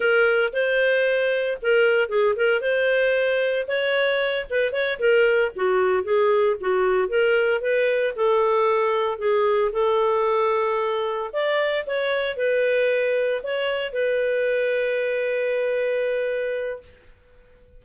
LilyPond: \new Staff \with { instrumentName = "clarinet" } { \time 4/4 \tempo 4 = 114 ais'4 c''2 ais'4 | gis'8 ais'8 c''2 cis''4~ | cis''8 b'8 cis''8 ais'4 fis'4 gis'8~ | gis'8 fis'4 ais'4 b'4 a'8~ |
a'4. gis'4 a'4.~ | a'4. d''4 cis''4 b'8~ | b'4. cis''4 b'4.~ | b'1 | }